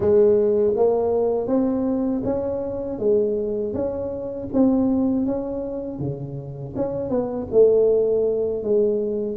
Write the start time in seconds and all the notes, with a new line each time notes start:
0.00 G#3
0.76 A#3
1.47 C4
2.24 C#4
2.99 G#3
3.73 C#4
4.53 C4
5.26 C#4
5.99 C#3
6.76 C#4
7.09 B3
7.51 A3
8.63 G#3